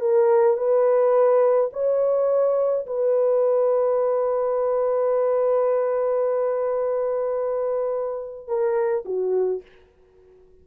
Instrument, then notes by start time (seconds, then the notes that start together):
horn
0.00 A#4
0.57 B4
1.72 C#5
2.86 B4
8.47 A#4
9.05 F#4